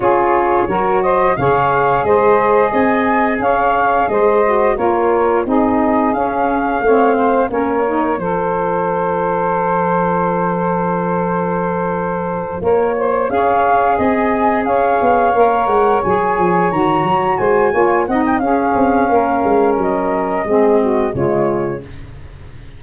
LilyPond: <<
  \new Staff \with { instrumentName = "flute" } { \time 4/4 \tempo 4 = 88 cis''4. dis''8 f''4 dis''4 | gis''4 f''4 dis''4 cis''4 | dis''4 f''2 cis''4 | c''1~ |
c''2~ c''8 cis''4 f''8~ | f''8 gis''4 f''4. fis''8 gis''8~ | gis''8 ais''4 gis''4 fis''16 g''16 f''4~ | f''4 dis''2 cis''4 | }
  \new Staff \with { instrumentName = "saxophone" } { \time 4/4 gis'4 ais'8 c''8 cis''4 c''4 | dis''4 cis''4 c''4 ais'4 | gis'2 cis''8 c''8 ais'4 | a'1~ |
a'2~ a'8 ais'8 c''8 cis''8~ | cis''8 dis''4 cis''2~ cis''8~ | cis''4. c''8 cis''8 dis''8 gis'4 | ais'2 gis'8 fis'8 f'4 | }
  \new Staff \with { instrumentName = "saxophone" } { \time 4/4 f'4 fis'4 gis'2~ | gis'2~ gis'8 fis'8 f'4 | dis'4 cis'4 c'4 cis'8 dis'8 | f'1~ |
f'2.~ f'8 gis'8~ | gis'2~ gis'8 ais'4 gis'8~ | gis'8 fis'4. f'8 dis'8 cis'4~ | cis'2 c'4 gis4 | }
  \new Staff \with { instrumentName = "tuba" } { \time 4/4 cis'4 fis4 cis4 gis4 | c'4 cis'4 gis4 ais4 | c'4 cis'4 a4 ais4 | f1~ |
f2~ f8 ais4 cis'8~ | cis'8 c'4 cis'8 b8 ais8 gis8 fis8 | f8 dis8 fis8 gis8 ais8 c'8 cis'8 c'8 | ais8 gis8 fis4 gis4 cis4 | }
>>